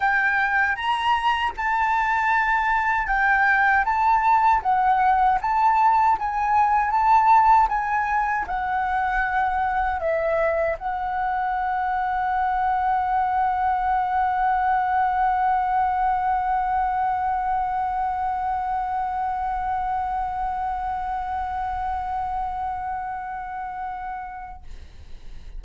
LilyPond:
\new Staff \with { instrumentName = "flute" } { \time 4/4 \tempo 4 = 78 g''4 ais''4 a''2 | g''4 a''4 fis''4 a''4 | gis''4 a''4 gis''4 fis''4~ | fis''4 e''4 fis''2~ |
fis''1~ | fis''1~ | fis''1~ | fis''1 | }